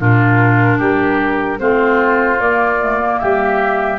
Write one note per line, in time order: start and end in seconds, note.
0.00 0.80 A#2
0.00 1.59 D4
0.00 0.78 F4
0.00 1.60 A#4
0.78 1.60 G3
0.78 1.58 G4
1.59 2.40 A3
1.59 2.39 C4
1.59 3.21 F4
1.59 2.40 C5
2.40 2.80 A#3
2.40 3.20 A#3
2.40 3.19 D5
2.81 3.00 A3
3.00 3.99 A#3
3.19 3.99 G3
3.19 3.99 G4
3.19 3.99 E5